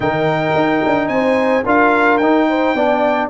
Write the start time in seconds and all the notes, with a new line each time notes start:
0.00 D#3 D#4 A#4 G5
0.55 D#4
0.86 D4
1.08 C4 C5 G#5
1.64 D4 F4 A#4 F5
2.17 D#4 G5
2.49 C5
2.74 B3 D4 D5